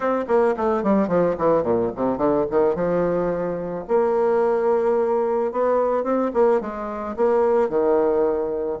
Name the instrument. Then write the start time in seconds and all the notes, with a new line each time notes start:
bassoon
0.00 C4
0.27 A#3
0.57 A3
0.83 G3
1.08 F3
1.38 E3
1.63 A#2
1.95 C3
2.17 D3
2.50 D#3
2.75 F3
3.88 A#3
5.52 B3
6.03 C4
6.33 A#3
6.61 G#3
7.16 A#3
7.69 D#3